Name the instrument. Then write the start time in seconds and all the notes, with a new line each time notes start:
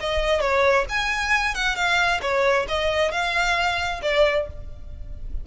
violin
0.00 D#5
0.41 C#5
0.89 G#5
1.54 F#5
1.75 F5
2.21 C#5
2.68 D#5
3.11 F5
4.02 D5